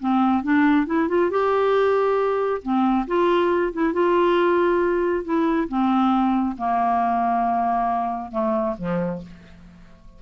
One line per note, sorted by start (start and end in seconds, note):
0.00 0.43 C4
0.43 0.87 D4
0.87 1.08 E4
1.09 1.31 F4
1.31 2.62 G4
2.63 3.06 C4
3.07 3.73 F4
3.73 3.93 E4
3.93 5.24 F4
5.24 5.68 E4
5.69 6.56 C4
6.58 8.32 A#3
8.32 8.76 A3
8.78 9.22 F3